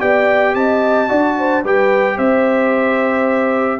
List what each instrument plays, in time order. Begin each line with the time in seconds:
0.00 tuba B3, trombone G4, horn D5, trumpet G5
0.55 tuba C4, horn D#5, trumpet A5
1.09 tuba D4, trombone F#4, horn D5
1.39 horn C5
1.64 tuba G3, trombone G4, horn B4, trumpet G5
2.17 tuba C4, horn C5, trumpet E5